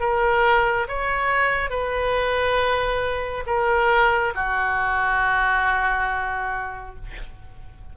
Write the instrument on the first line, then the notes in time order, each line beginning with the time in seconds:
oboe
0.00 A#4
0.88 C#5
1.70 B4
3.46 A#4
4.35 F#4